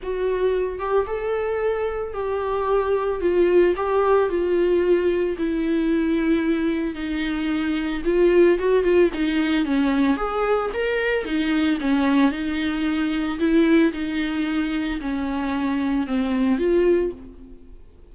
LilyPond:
\new Staff \with { instrumentName = "viola" } { \time 4/4 \tempo 4 = 112 fis'4. g'8 a'2 | g'2 f'4 g'4 | f'2 e'2~ | e'4 dis'2 f'4 |
fis'8 f'8 dis'4 cis'4 gis'4 | ais'4 dis'4 cis'4 dis'4~ | dis'4 e'4 dis'2 | cis'2 c'4 f'4 | }